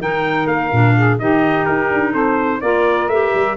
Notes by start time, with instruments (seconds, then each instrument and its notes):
0.00 tuba D#3, clarinet D#4, saxophone A#4, trumpet G5
0.47 tuba A#3, trumpet F5
0.72 tuba A#2, clarinet D4
0.96 saxophone G#4
1.19 tuba D#3, clarinet D#4, saxophone G4, trumpet D#5
1.66 tuba D#4, trumpet A#4
1.91 tuba D4
2.12 tuba C4, saxophone A4, trumpet C5
2.61 tuba A#3, clarinet F4, saxophone A#4, trumpet D5
3.08 tuba A3, clarinet G4, trumpet E5
3.35 tuba G3